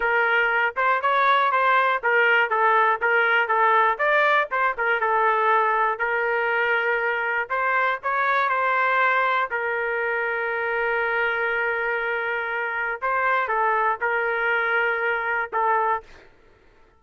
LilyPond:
\new Staff \with { instrumentName = "trumpet" } { \time 4/4 \tempo 4 = 120 ais'4. c''8 cis''4 c''4 | ais'4 a'4 ais'4 a'4 | d''4 c''8 ais'8 a'2 | ais'2. c''4 |
cis''4 c''2 ais'4~ | ais'1~ | ais'2 c''4 a'4 | ais'2. a'4 | }